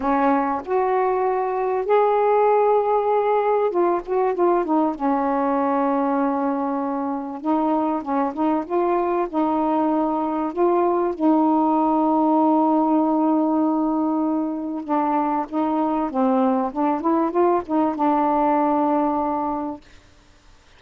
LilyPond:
\new Staff \with { instrumentName = "saxophone" } { \time 4/4 \tempo 4 = 97 cis'4 fis'2 gis'4~ | gis'2 f'8 fis'8 f'8 dis'8 | cis'1 | dis'4 cis'8 dis'8 f'4 dis'4~ |
dis'4 f'4 dis'2~ | dis'1 | d'4 dis'4 c'4 d'8 e'8 | f'8 dis'8 d'2. | }